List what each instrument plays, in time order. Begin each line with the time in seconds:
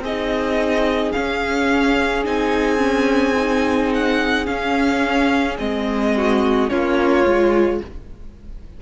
0.00 cello C4, violin G#4 D#5
0.06 viola D#4
1.12 viola C#4, cello C#4, violin F5
2.24 cello C4, viola D#4, violin G#5
2.78 viola C#4
3.36 viola D#4
3.94 violin F#5
4.46 viola C#4, cello C#4, violin F5
5.59 cello G#3, viola C4, violin D#5
6.17 violin F#4
6.69 cello A#3, viola C#4, violin F4 C#5
7.25 cello G#3, viola F4